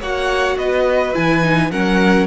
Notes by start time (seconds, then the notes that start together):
0.00 A#3 F#4 C#5 F#5
0.58 B3 B4 D#5
1.14 E3 E4 G#5
1.42 D#4
1.71 F#3 C#4 A#4 F#5